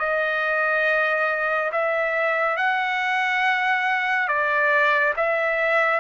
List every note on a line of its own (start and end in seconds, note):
0.00 1.71 D#5
1.72 2.57 E5
2.57 4.28 F#5
4.28 5.14 D5
5.17 6.00 E5